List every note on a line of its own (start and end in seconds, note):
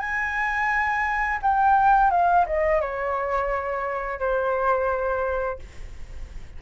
0.00 1.40 G#5
1.43 2.11 G5
2.11 2.46 F5
2.46 2.81 D#5
2.82 4.20 C#5
4.20 5.59 C5